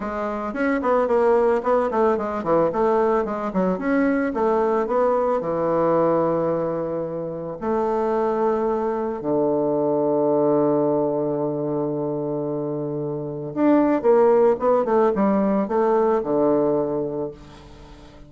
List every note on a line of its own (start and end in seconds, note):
0.00 0.53 G#3
0.53 0.80 C#4
0.82 1.07 B3
1.07 1.61 A#3
1.63 1.90 B3
1.91 2.17 A3
2.17 2.43 G#3
2.43 2.70 E3
2.72 3.24 A3
3.24 3.51 G#3
3.53 3.78 F#3
3.78 4.32 C#4
4.33 4.86 A3
4.86 5.41 B3
5.41 7.57 E3
7.60 9.21 A3
9.21 13.53 D3
13.54 14.01 D4
14.01 14.56 A#3
14.59 14.85 B3
14.85 15.12 A3
15.15 15.68 G3
15.68 16.22 A3
16.23 17.31 D3